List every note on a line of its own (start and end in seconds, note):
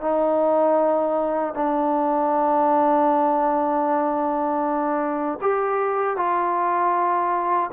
0.00 1.54 D#4
1.54 5.38 D4
5.41 6.16 G4
6.16 7.70 F4